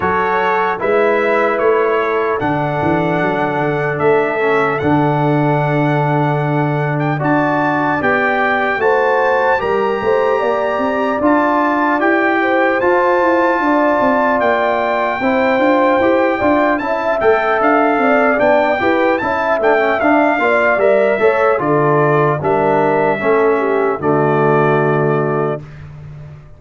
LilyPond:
<<
  \new Staff \with { instrumentName = "trumpet" } { \time 4/4 \tempo 4 = 75 cis''4 e''4 cis''4 fis''4~ | fis''4 e''4 fis''2~ | fis''8. g''16 a''4 g''4 a''4 | ais''2 a''4 g''4 |
a''2 g''2~ | g''4 a''8 g''8 f''4 g''4 | a''8 g''8 f''4 e''4 d''4 | e''2 d''2 | }
  \new Staff \with { instrumentName = "horn" } { \time 4/4 a'4 b'4. a'4.~ | a'1~ | a'4 d''2 c''4 | ais'8 c''8 d''2~ d''8 c''8~ |
c''4 d''2 c''4~ | c''8 d''8 e''4. d''4 b'8 | e''4. d''4 cis''8 a'4 | ais'4 a'8 g'8 fis'2 | }
  \new Staff \with { instrumentName = "trombone" } { \time 4/4 fis'4 e'2 d'4~ | d'4. cis'8 d'2~ | d'4 fis'4 g'4 fis'4 | g'2 f'4 g'4 |
f'2. e'8 f'8 | g'8 f'8 e'8 a'4. d'8 g'8 | e'8 d'16 cis'16 d'8 f'8 ais'8 a'8 f'4 | d'4 cis'4 a2 | }
  \new Staff \with { instrumentName = "tuba" } { \time 4/4 fis4 gis4 a4 d8 e8 | fis8 d8 a4 d2~ | d4 d'4 b4 a4 | g8 a8 ais8 c'8 d'4 e'4 |
f'8 e'8 d'8 c'8 ais4 c'8 d'8 | e'8 d'8 cis'8 a8 d'8 c'8 b8 e'8 | cis'8 a8 d'8 ais8 g8 a8 d4 | g4 a4 d2 | }
>>